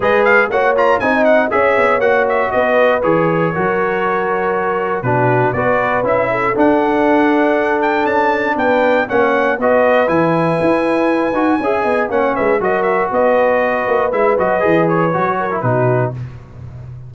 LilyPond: <<
  \new Staff \with { instrumentName = "trumpet" } { \time 4/4 \tempo 4 = 119 dis''8 f''8 fis''8 ais''8 gis''8 fis''8 e''4 | fis''8 e''8 dis''4 cis''2~ | cis''2 b'4 d''4 | e''4 fis''2~ fis''8 g''8 |
a''4 g''4 fis''4 dis''4 | gis''1 | fis''8 e''8 dis''8 e''8 dis''2 | e''8 dis''4 cis''4. b'4 | }
  \new Staff \with { instrumentName = "horn" } { \time 4/4 b'4 cis''4 dis''4 cis''4~ | cis''4 b'2 ais'4~ | ais'2 fis'4 b'4~ | b'8 a'2.~ a'8~ |
a'4 b'4 cis''4 b'4~ | b'2. e''8 dis''8 | cis''8 b'8 ais'4 b'2~ | b'2~ b'8 ais'8 fis'4 | }
  \new Staff \with { instrumentName = "trombone" } { \time 4/4 gis'4 fis'8 f'8 dis'4 gis'4 | fis'2 gis'4 fis'4~ | fis'2 d'4 fis'4 | e'4 d'2.~ |
d'2 cis'4 fis'4 | e'2~ e'8 fis'8 gis'4 | cis'4 fis'2. | e'8 fis'8 gis'4 fis'8. e'16 dis'4 | }
  \new Staff \with { instrumentName = "tuba" } { \time 4/4 gis4 ais4 c'4 cis'8 b8 | ais4 b4 e4 fis4~ | fis2 b,4 b4 | cis'4 d'2. |
cis'4 b4 ais4 b4 | e4 e'4. dis'8 cis'8 b8 | ais8 gis8 fis4 b4. ais8 | gis8 fis8 e4 fis4 b,4 | }
>>